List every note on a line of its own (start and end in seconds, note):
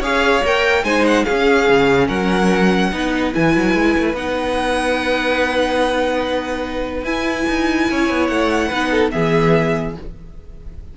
0.00 0.41 C#4
0.00 0.44 G#4
0.00 0.84 C#5
0.00 0.45 F5
0.45 0.84 A#3
0.45 0.85 A#4
0.45 0.85 G5
0.84 1.25 G#3
0.84 1.26 D#4
0.84 1.26 C5
0.84 1.05 G#5
1.06 1.25 F#5
1.25 2.92 C#4
1.25 1.70 C#4
1.25 2.08 G#4
1.25 2.07 F5
1.70 2.09 C#3
2.08 2.92 F#3
2.08 2.90 A#4
2.08 3.33 F#5
2.92 3.34 B3
2.92 3.33 D#4
2.92 7.91 B4
3.33 3.56 E3
3.33 4.16 E4
3.33 4.16 G#5
3.56 3.75 F#3
3.75 3.95 G#3
3.98 4.14 A3
4.14 7.04 B3
4.14 7.06 D#4
4.14 7.05 F#5
7.04 7.45 E4
7.04 8.72 E4
7.04 8.27 G#5
7.48 7.90 D#4
7.90 8.10 C#4
7.90 8.69 C#5
8.10 8.30 B3
8.27 8.71 A3
8.27 9.10 F#5
8.69 9.13 B3
8.69 9.12 D#4
8.69 8.90 B4
8.91 9.12 A4
9.12 9.97 E3
9.12 9.95 B3
9.12 9.97 G#4
9.12 9.94 E5